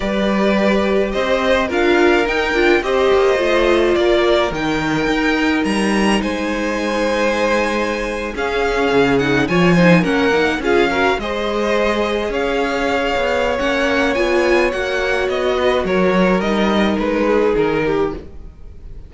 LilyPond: <<
  \new Staff \with { instrumentName = "violin" } { \time 4/4 \tempo 4 = 106 d''2 dis''4 f''4 | g''4 dis''2 d''4 | g''2 ais''4 gis''4~ | gis''2~ gis''8. f''4~ f''16~ |
f''16 fis''8 gis''4 fis''4 f''4 dis''16~ | dis''4.~ dis''16 f''2~ f''16 | fis''4 gis''4 fis''4 dis''4 | cis''4 dis''4 b'4 ais'4 | }
  \new Staff \with { instrumentName = "violin" } { \time 4/4 b'2 c''4 ais'4~ | ais'4 c''2 ais'4~ | ais'2. c''4~ | c''2~ c''8. gis'4~ gis'16~ |
gis'8. cis''8 c''8 ais'4 gis'8 ais'8 c''16~ | c''4.~ c''16 cis''2~ cis''16~ | cis''2.~ cis''8 b'8 | ais'2~ ais'8 gis'4 g'8 | }
  \new Staff \with { instrumentName = "viola" } { \time 4/4 g'2. f'4 | dis'8 f'8 g'4 f'2 | dis'1~ | dis'2~ dis'8. cis'4~ cis'16~ |
cis'16 dis'8 f'8 dis'8 cis'8 dis'8 f'8 fis'8 gis'16~ | gis'1 | cis'4 f'4 fis'2~ | fis'4 dis'2. | }
  \new Staff \with { instrumentName = "cello" } { \time 4/4 g2 c'4 d'4 | dis'8 d'8 c'8 ais8 a4 ais4 | dis4 dis'4 g4 gis4~ | gis2~ gis8. cis'4 cis16~ |
cis8. f4 ais4 cis'4 gis16~ | gis4.~ gis16 cis'4. b8. | ais4 b4 ais4 b4 | fis4 g4 gis4 dis4 | }
>>